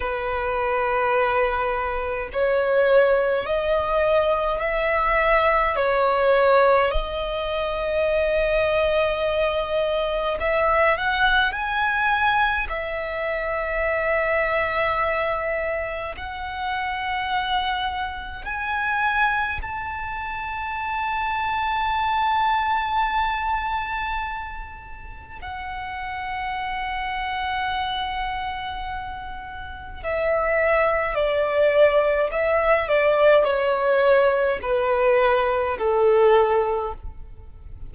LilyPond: \new Staff \with { instrumentName = "violin" } { \time 4/4 \tempo 4 = 52 b'2 cis''4 dis''4 | e''4 cis''4 dis''2~ | dis''4 e''8 fis''8 gis''4 e''4~ | e''2 fis''2 |
gis''4 a''2.~ | a''2 fis''2~ | fis''2 e''4 d''4 | e''8 d''8 cis''4 b'4 a'4 | }